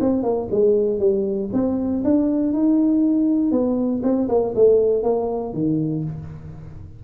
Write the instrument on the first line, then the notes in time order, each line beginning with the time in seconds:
tuba
0.00 C4
0.22 A#3
0.51 G#3
0.99 G3
1.53 C4
2.04 D4
2.53 D#4
3.51 B3
4.03 C4
4.28 A#3
4.55 A3
5.03 A#3
5.53 D#3